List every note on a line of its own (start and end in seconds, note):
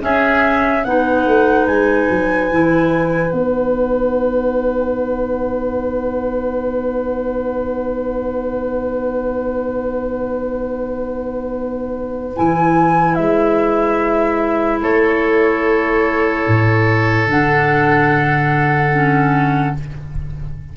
0.00 0.82 C#4
0.00 0.85 C#4
0.00 0.86 G#4
0.00 0.84 E5
0.84 1.26 B3
0.84 2.51 D#4
0.84 14.83 B4
0.84 1.66 F#5
1.26 1.67 A3
1.67 2.08 G#3
1.67 3.31 G#5
2.09 2.50 F#3
2.50 3.32 E3
2.50 3.30 E4
3.30 12.37 B3
3.30 12.34 D#4
3.30 12.35 F#5
12.35 13.18 E3
12.35 17.29 E4
12.35 13.14 G#5
13.14 14.81 G#3
13.14 14.79 E5
14.81 16.45 A3
14.81 19.76 A4
14.81 17.29 C#5
16.47 17.26 A2
17.26 19.73 D3
17.26 18.93 D4
17.26 19.77 F#5
18.93 19.75 C#4